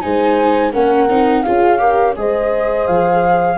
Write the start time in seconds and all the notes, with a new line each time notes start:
0.00 G#3 D#4 C5 G#5
0.72 A#3 C#4 A#4 F#5
1.09 C4 D#4
1.42 C#4 F4 G#4 F5
1.78 G4 A#4
2.16 G#3 G#4 C5 D#5
2.86 F3 F5